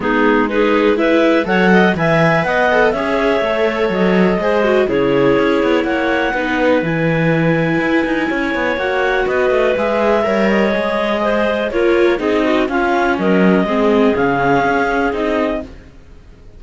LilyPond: <<
  \new Staff \with { instrumentName = "clarinet" } { \time 4/4 \tempo 4 = 123 gis'4 b'4 e''4 fis''4 | gis''4 fis''4 e''2 | dis''2 cis''2 | fis''2 gis''2~ |
gis''2 fis''4 dis''4 | e''4. dis''2~ dis''8 | cis''4 dis''4 f''4 dis''4~ | dis''4 f''2 dis''4 | }
  \new Staff \with { instrumentName = "clarinet" } { \time 4/4 dis'4 gis'4 b'4 cis''8 dis''8 | e''4 dis''4 cis''2~ | cis''4 c''4 gis'2 | cis''4 b'2.~ |
b'4 cis''2 b'4~ | b'4 cis''2 c''4 | ais'4 gis'8 fis'8 f'4 ais'4 | gis'1 | }
  \new Staff \with { instrumentName = "viola" } { \time 4/4 b4 dis'4 e'4 a'4 | b'4. a'8 gis'4 a'4~ | a'4 gis'8 fis'8 e'2~ | e'4 dis'4 e'2~ |
e'2 fis'2 | gis'4 ais'4 gis'2 | f'4 dis'4 cis'2 | c'4 cis'2 dis'4 | }
  \new Staff \with { instrumentName = "cello" } { \time 4/4 gis2. fis4 | e4 b4 cis'4 a4 | fis4 gis4 cis4 cis'8 b8 | ais4 b4 e2 |
e'8 dis'8 cis'8 b8 ais4 b8 a8 | gis4 g4 gis2 | ais4 c'4 cis'4 fis4 | gis4 cis4 cis'4 c'4 | }
>>